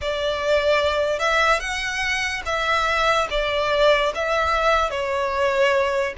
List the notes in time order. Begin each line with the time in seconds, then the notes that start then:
0.01 D5
1.19 E5
1.60 F#5
2.45 E5
3.30 D5
4.14 E5
4.90 C#5